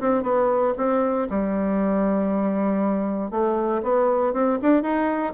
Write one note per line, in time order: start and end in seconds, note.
0.00 0.23 C4
0.23 0.73 B3
0.77 1.28 C4
1.29 3.31 G3
3.31 3.81 A3
3.82 4.33 B3
4.33 4.58 C4
4.62 4.82 D4
4.82 5.33 D#4